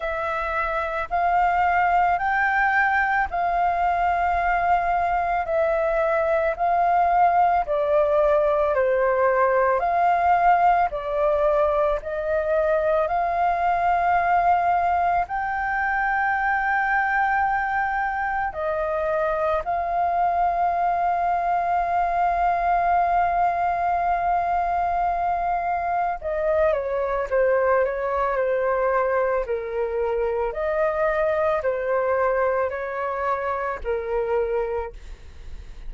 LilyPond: \new Staff \with { instrumentName = "flute" } { \time 4/4 \tempo 4 = 55 e''4 f''4 g''4 f''4~ | f''4 e''4 f''4 d''4 | c''4 f''4 d''4 dis''4 | f''2 g''2~ |
g''4 dis''4 f''2~ | f''1 | dis''8 cis''8 c''8 cis''8 c''4 ais'4 | dis''4 c''4 cis''4 ais'4 | }